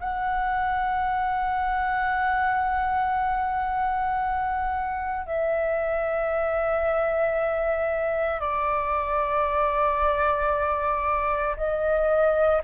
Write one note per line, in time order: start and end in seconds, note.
0.00 5.26 F#5
5.26 8.40 E5
8.40 11.56 D5
11.56 12.62 D#5